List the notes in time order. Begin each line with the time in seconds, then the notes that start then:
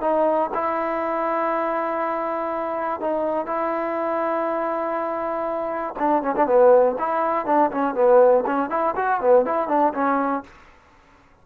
0.00 D#4
0.54 E4
3.00 D#4
3.46 E4
5.99 D4
6.22 C#4
6.36 D4
6.46 B3
6.98 E4
7.45 D4
7.70 C#4
7.94 B3
8.46 C#4
8.69 E4
8.95 F#4
9.20 B3
9.45 E4
9.68 D4
9.93 C#4